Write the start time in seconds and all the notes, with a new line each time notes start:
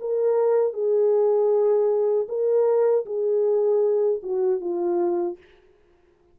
0.00 A#4
0.73 G#4
2.28 A#4
3.05 G#4
4.22 F#4
4.60 F4